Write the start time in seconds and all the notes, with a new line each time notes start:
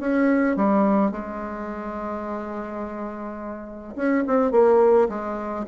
0.00 C#4
0.56 G3
1.12 G#3
3.96 C#4
4.27 C4
4.52 A#3
5.09 G#3